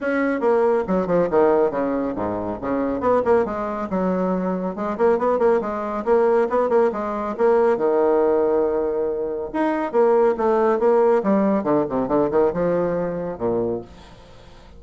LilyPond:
\new Staff \with { instrumentName = "bassoon" } { \time 4/4 \tempo 4 = 139 cis'4 ais4 fis8 f8 dis4 | cis4 gis,4 cis4 b8 ais8 | gis4 fis2 gis8 ais8 | b8 ais8 gis4 ais4 b8 ais8 |
gis4 ais4 dis2~ | dis2 dis'4 ais4 | a4 ais4 g4 d8 c8 | d8 dis8 f2 ais,4 | }